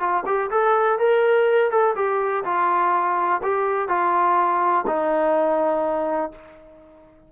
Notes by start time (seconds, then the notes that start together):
0.00 F4
0.26 G4
0.51 A4
0.99 A#4
1.71 A4
1.96 G4
2.45 F4
3.43 G4
3.89 F4
4.87 D#4